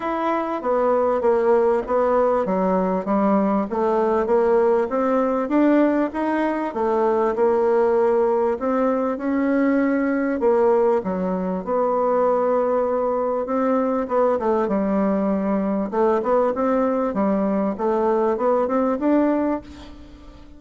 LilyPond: \new Staff \with { instrumentName = "bassoon" } { \time 4/4 \tempo 4 = 98 e'4 b4 ais4 b4 | fis4 g4 a4 ais4 | c'4 d'4 dis'4 a4 | ais2 c'4 cis'4~ |
cis'4 ais4 fis4 b4~ | b2 c'4 b8 a8 | g2 a8 b8 c'4 | g4 a4 b8 c'8 d'4 | }